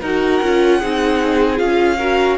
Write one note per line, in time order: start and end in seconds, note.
0.00 0.41 D#4
0.00 0.43 F#4
0.00 0.78 A#4
0.00 1.58 F#5
0.42 0.82 C#4
0.42 0.82 F4
0.78 1.60 C4
0.78 1.57 D#4
0.78 1.97 G#4
1.57 2.38 C#4
1.57 1.96 F4
1.57 2.37 F5
1.97 2.38 F#4
1.97 2.37 A#4